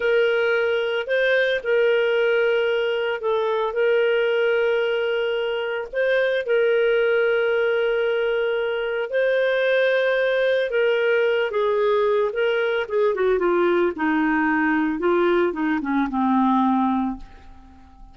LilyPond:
\new Staff \with { instrumentName = "clarinet" } { \time 4/4 \tempo 4 = 112 ais'2 c''4 ais'4~ | ais'2 a'4 ais'4~ | ais'2. c''4 | ais'1~ |
ais'4 c''2. | ais'4. gis'4. ais'4 | gis'8 fis'8 f'4 dis'2 | f'4 dis'8 cis'8 c'2 | }